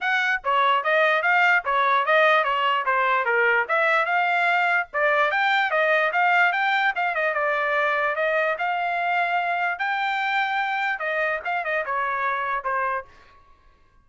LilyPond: \new Staff \with { instrumentName = "trumpet" } { \time 4/4 \tempo 4 = 147 fis''4 cis''4 dis''4 f''4 | cis''4 dis''4 cis''4 c''4 | ais'4 e''4 f''2 | d''4 g''4 dis''4 f''4 |
g''4 f''8 dis''8 d''2 | dis''4 f''2. | g''2. dis''4 | f''8 dis''8 cis''2 c''4 | }